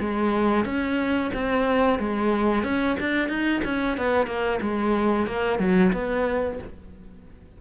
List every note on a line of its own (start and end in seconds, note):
0.00 0.65 G#3
0.65 1.31 C#4
1.34 1.99 C4
1.99 2.64 G#3
2.64 2.97 C#4
3.00 3.29 D4
3.29 3.62 D#4
3.64 3.97 C#4
3.97 4.26 B3
4.26 4.59 A#3
4.62 5.27 G#3
5.27 5.59 A#3
5.59 5.92 F#3
5.93 6.59 B3